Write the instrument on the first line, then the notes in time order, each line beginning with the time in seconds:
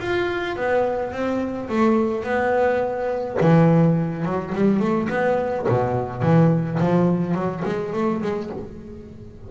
double bass
0.00 F4
0.56 B3
1.12 C4
1.69 A3
2.24 B3
3.41 E3
4.25 F#3
4.55 G3
4.80 A3
5.09 B3
5.69 B2
6.22 E3
6.80 F3
7.35 F#3
7.65 G#3
7.93 A3
8.22 G#3